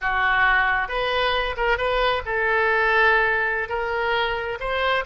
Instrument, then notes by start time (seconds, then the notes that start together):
oboe
0.01 F#4
0.88 B4
1.57 A#4
1.77 B4
2.25 A4
3.68 A#4
4.59 C5